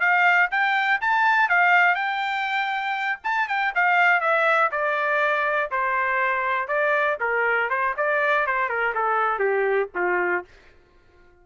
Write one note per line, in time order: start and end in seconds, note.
0.00 0.50 F5
0.51 1.00 G5
1.01 1.49 A5
1.49 1.95 F5
1.95 3.19 G5
3.24 3.48 A5
3.48 3.73 G5
3.75 4.20 F5
4.20 4.70 E5
4.71 5.70 D5
5.71 6.68 C5
6.68 7.17 D5
7.20 7.69 A#4
7.69 7.94 C5
7.97 8.46 D5
8.46 8.69 C5
8.69 8.93 A#4
8.95 9.39 A4
9.39 9.89 G4
9.95 10.44 F4